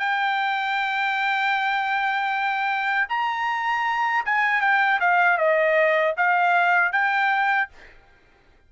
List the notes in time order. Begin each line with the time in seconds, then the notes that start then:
0.00 G5
3.09 A#5
4.26 G#5
4.61 G5
5.00 F5
5.38 D#5
6.17 F5
6.93 G5